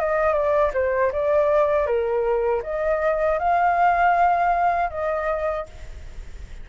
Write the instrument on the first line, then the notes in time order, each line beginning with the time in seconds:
flute
0.00 D#5
0.34 D5
0.74 C5
1.13 D5
1.87 A#4
2.63 D#5
3.39 F5
4.91 D#5